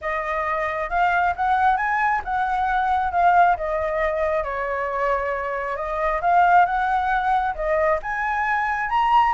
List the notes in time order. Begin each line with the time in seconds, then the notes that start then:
0.01 D#5
0.89 F5
1.36 F#5
1.77 G#5
2.24 F#5
3.11 F5
3.56 D#5
4.43 C#5
5.76 D#5
6.21 F5
6.65 F#5
7.54 D#5
8.02 G#5
8.89 A#5